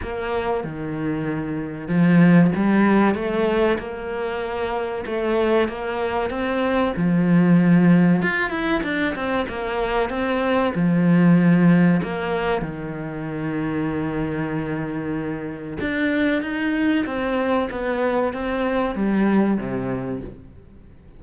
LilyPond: \new Staff \with { instrumentName = "cello" } { \time 4/4 \tempo 4 = 95 ais4 dis2 f4 | g4 a4 ais2 | a4 ais4 c'4 f4~ | f4 f'8 e'8 d'8 c'8 ais4 |
c'4 f2 ais4 | dis1~ | dis4 d'4 dis'4 c'4 | b4 c'4 g4 c4 | }